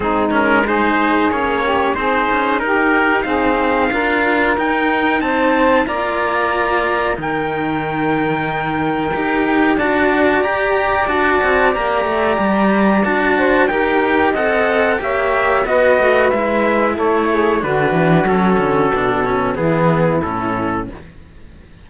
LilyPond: <<
  \new Staff \with { instrumentName = "trumpet" } { \time 4/4 \tempo 4 = 92 gis'8 ais'8 c''4 cis''4 c''4 | ais'4 f''2 g''4 | a''4 ais''2 g''4~ | g''2. a''4 |
ais''4 a''4 ais''2 | a''4 g''4 fis''4 e''4 | dis''4 e''4 cis''4 b'4 | a'2 gis'4 a'4 | }
  \new Staff \with { instrumentName = "saxophone" } { \time 4/4 dis'4 gis'4. g'8 gis'4 | g'4 gis'4 ais'2 | c''4 d''2 ais'4~ | ais'2. d''4~ |
d''1~ | d''8 c''8 ais'4 dis''4 cis''4 | b'2 a'8 gis'8 fis'4~ | fis'2 e'2 | }
  \new Staff \with { instrumentName = "cello" } { \time 4/4 c'8 cis'8 dis'4 cis'4 dis'4~ | dis'4 c'4 f'4 dis'4~ | dis'4 f'2 dis'4~ | dis'2 g'4 fis'4 |
g'4 fis'4 g'2 | fis'4 g'4 a'4 g'4 | fis'4 e'2 d'4 | cis'4 d'8 cis'8 b4 cis'4 | }
  \new Staff \with { instrumentName = "cello" } { \time 4/4 gis2 ais4 c'8 cis'8 | dis'2 d'4 dis'4 | c'4 ais2 dis4~ | dis2 dis'4 d'4 |
g'4 d'8 c'8 ais8 a8 g4 | d'4 dis'4 c'4 ais4 | b8 a8 gis4 a4 d8 e8 | fis8 d8 b,4 e4 a,4 | }
>>